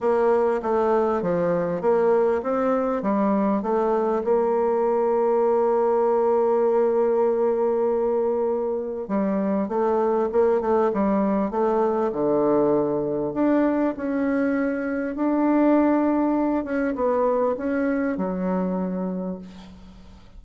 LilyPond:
\new Staff \with { instrumentName = "bassoon" } { \time 4/4 \tempo 4 = 99 ais4 a4 f4 ais4 | c'4 g4 a4 ais4~ | ais1~ | ais2. g4 |
a4 ais8 a8 g4 a4 | d2 d'4 cis'4~ | cis'4 d'2~ d'8 cis'8 | b4 cis'4 fis2 | }